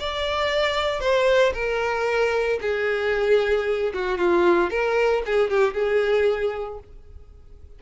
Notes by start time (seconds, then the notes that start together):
0.00 D5
1.00 C5
1.54 A#4
2.62 G#4
3.94 F#4
4.18 F4
4.70 A#4
5.26 G#4
5.50 G4
5.74 G#4